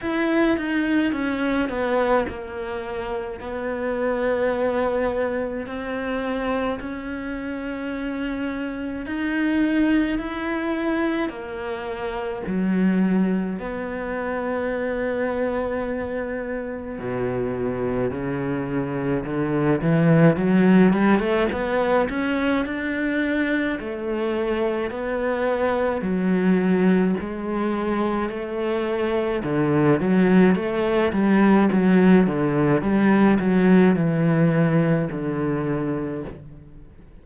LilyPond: \new Staff \with { instrumentName = "cello" } { \time 4/4 \tempo 4 = 53 e'8 dis'8 cis'8 b8 ais4 b4~ | b4 c'4 cis'2 | dis'4 e'4 ais4 fis4 | b2. b,4 |
cis4 d8 e8 fis8 g16 a16 b8 cis'8 | d'4 a4 b4 fis4 | gis4 a4 d8 fis8 a8 g8 | fis8 d8 g8 fis8 e4 d4 | }